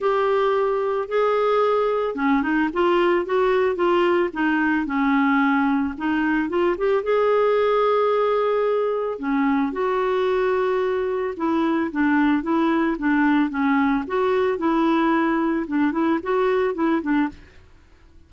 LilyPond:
\new Staff \with { instrumentName = "clarinet" } { \time 4/4 \tempo 4 = 111 g'2 gis'2 | cis'8 dis'8 f'4 fis'4 f'4 | dis'4 cis'2 dis'4 | f'8 g'8 gis'2.~ |
gis'4 cis'4 fis'2~ | fis'4 e'4 d'4 e'4 | d'4 cis'4 fis'4 e'4~ | e'4 d'8 e'8 fis'4 e'8 d'8 | }